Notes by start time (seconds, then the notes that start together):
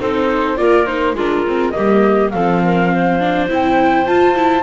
0.00 C4 D#4 A4 C5
0.57 A#3 F4 A#4 D5
0.86 D#4 C5
1.14 G#3 D4 F4 A#4
1.47 C4
1.71 G3 A#3 G4 D#5
2.31 F3 C4 A4 F5
2.65 A#4
2.93 C5
3.20 D4
3.49 C4 E4 G5
4.06 F4 A5
4.35 E4